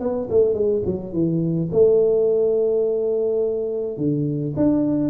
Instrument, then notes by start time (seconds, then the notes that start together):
tuba
0.00 B3
0.30 A3
0.54 G#3
0.86 F#3
1.13 E3
1.72 A3
3.98 D3
4.57 D4